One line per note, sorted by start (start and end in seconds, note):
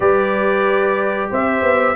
0.00 1.30 G3
0.00 1.96 G4
0.00 1.30 B4
0.00 1.30 D5
1.30 1.61 C4
1.30 1.95 C5
1.30 1.96 E5
1.61 1.94 B3